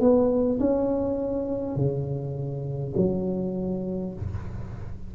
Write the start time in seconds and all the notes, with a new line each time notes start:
0.00 B3
0.59 C#4
1.75 C#3
2.96 F#3